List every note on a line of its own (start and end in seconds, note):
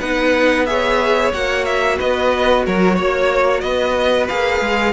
0.00 1.33 B3
0.00 0.67 D#4
0.00 0.66 B4
0.00 0.66 F#5
0.66 1.33 G#4
0.66 1.98 C#5
0.66 1.32 E5
1.33 2.00 A#3
1.33 4.29 F#4
1.33 1.66 F#5
1.66 1.99 E5
1.98 2.67 B3
1.98 2.64 B4
1.98 2.66 D#5
2.66 2.99 F#3
2.66 2.96 A#4
2.66 3.61 C#5
2.96 3.63 A#3
2.96 3.62 C#5
3.61 4.29 B3
3.61 4.93 B4
3.61 4.27 D#5
4.29 4.61 A#3
4.29 4.93 G#4
4.29 4.93 F5
4.61 4.93 G#3